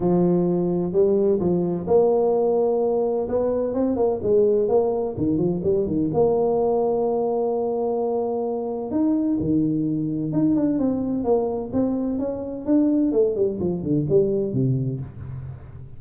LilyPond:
\new Staff \with { instrumentName = "tuba" } { \time 4/4 \tempo 4 = 128 f2 g4 f4 | ais2. b4 | c'8 ais8 gis4 ais4 dis8 f8 | g8 dis8 ais2.~ |
ais2. dis'4 | dis2 dis'8 d'8 c'4 | ais4 c'4 cis'4 d'4 | a8 g8 f8 d8 g4 c4 | }